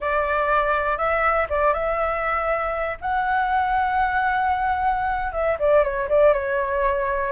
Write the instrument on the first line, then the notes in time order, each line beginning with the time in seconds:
flute
0.00 D5
0.97 E5
1.49 D5
1.73 E5
3.01 F#5
5.32 E5
5.59 D5
5.83 C#5
6.09 D5
6.33 C#5